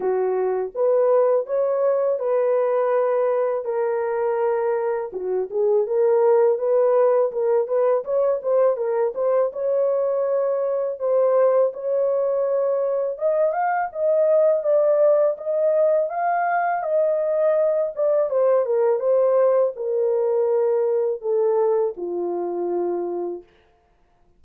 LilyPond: \new Staff \with { instrumentName = "horn" } { \time 4/4 \tempo 4 = 82 fis'4 b'4 cis''4 b'4~ | b'4 ais'2 fis'8 gis'8 | ais'4 b'4 ais'8 b'8 cis''8 c''8 | ais'8 c''8 cis''2 c''4 |
cis''2 dis''8 f''8 dis''4 | d''4 dis''4 f''4 dis''4~ | dis''8 d''8 c''8 ais'8 c''4 ais'4~ | ais'4 a'4 f'2 | }